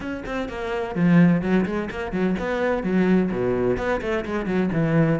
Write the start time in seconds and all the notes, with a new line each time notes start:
0.00 C#4
0.25 C4
0.49 A#3
0.95 F3
1.41 F#3
1.65 G#3
1.90 A#3
2.12 F#3
2.39 B3
2.83 F#3
3.31 B2
3.77 B3
4.01 A3
4.25 G#3
4.46 F#3
4.72 E3